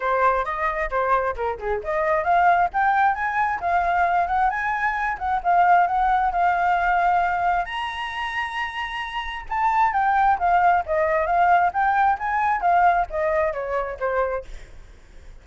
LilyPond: \new Staff \with { instrumentName = "flute" } { \time 4/4 \tempo 4 = 133 c''4 dis''4 c''4 ais'8 gis'8 | dis''4 f''4 g''4 gis''4 | f''4. fis''8 gis''4. fis''8 | f''4 fis''4 f''2~ |
f''4 ais''2.~ | ais''4 a''4 g''4 f''4 | dis''4 f''4 g''4 gis''4 | f''4 dis''4 cis''4 c''4 | }